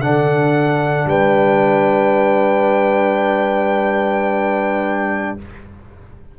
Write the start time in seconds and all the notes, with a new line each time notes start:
0.00 D3 D4 A4 F#5
1.06 G3 B4 G5